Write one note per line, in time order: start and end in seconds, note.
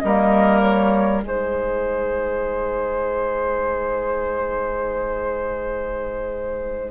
0.00 1.23 G3
0.00 1.23 A#3
0.00 1.24 A#4
0.00 0.60 D#5
0.61 1.22 C#5
1.23 6.92 G#3
1.23 6.92 D#4
1.23 6.92 G#4
1.23 6.92 C5